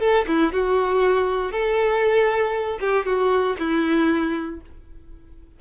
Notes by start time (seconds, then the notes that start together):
0.00 A4
0.28 E4
0.53 F#4
1.52 A4
2.81 G4
3.06 F#4
3.59 E4